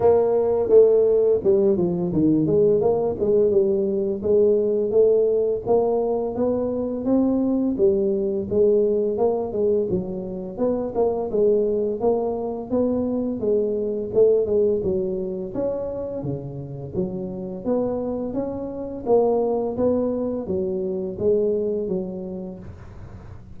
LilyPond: \new Staff \with { instrumentName = "tuba" } { \time 4/4 \tempo 4 = 85 ais4 a4 g8 f8 dis8 gis8 | ais8 gis8 g4 gis4 a4 | ais4 b4 c'4 g4 | gis4 ais8 gis8 fis4 b8 ais8 |
gis4 ais4 b4 gis4 | a8 gis8 fis4 cis'4 cis4 | fis4 b4 cis'4 ais4 | b4 fis4 gis4 fis4 | }